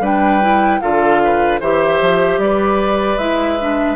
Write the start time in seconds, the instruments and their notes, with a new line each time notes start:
0.00 bassoon G3, clarinet D4, oboe B4, flute G5
0.41 clarinet E4
0.81 bassoon D3, clarinet F4, oboe A4, flute F5
1.25 oboe B4
1.60 bassoon E3, clarinet G4, oboe C5, flute E5
2.01 bassoon F3
2.38 bassoon G3, oboe B4, flute D5
3.18 bassoon G#3, clarinet E4, flute E5
3.60 clarinet D4